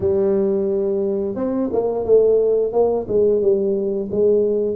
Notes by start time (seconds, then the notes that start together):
0.00 G3
1.35 C4
1.72 A#3
2.05 A3
2.72 A#3
3.08 G#3
3.41 G3
4.11 G#3